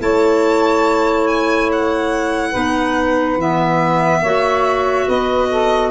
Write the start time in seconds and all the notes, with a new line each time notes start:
0.00 A3 E4 C#5 A5
1.27 G#5
1.72 F#5
2.51 B3 D#4 B4
3.36 E3 B3 E5
4.21 A#3 F#4 C#5
5.07 B3 B4 D#5
5.50 A4